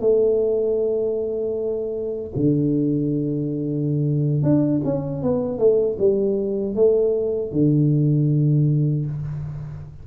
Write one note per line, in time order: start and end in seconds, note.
0.00 2.31 A3
2.35 4.42 D3
4.42 4.81 D4
4.84 5.22 C#4
5.22 5.58 B3
5.58 5.97 A3
5.98 6.75 G3
6.75 7.52 A3
7.52 9.06 D3